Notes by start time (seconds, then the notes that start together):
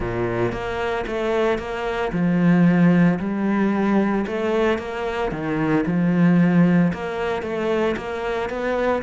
0.00 A#2
0.52 A#3
1.06 A3
1.58 A#3
2.12 F3
3.19 G3
4.26 A3
4.78 A#3
5.31 D#3
5.86 F3
6.93 A#3
7.42 A3
7.96 A#3
8.49 B3